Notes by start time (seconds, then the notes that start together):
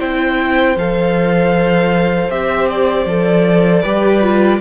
0.00 C4 E4 C5 G5
0.76 F3 A4 F5
2.30 C4 G4 E5
2.70 D5
3.06 F3 A4
3.82 G3 G4 B4
4.22 F4